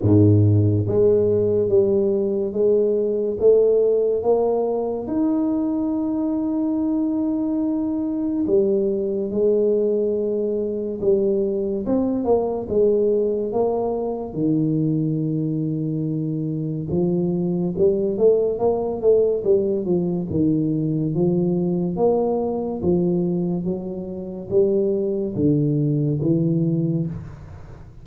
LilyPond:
\new Staff \with { instrumentName = "tuba" } { \time 4/4 \tempo 4 = 71 gis,4 gis4 g4 gis4 | a4 ais4 dis'2~ | dis'2 g4 gis4~ | gis4 g4 c'8 ais8 gis4 |
ais4 dis2. | f4 g8 a8 ais8 a8 g8 f8 | dis4 f4 ais4 f4 | fis4 g4 d4 e4 | }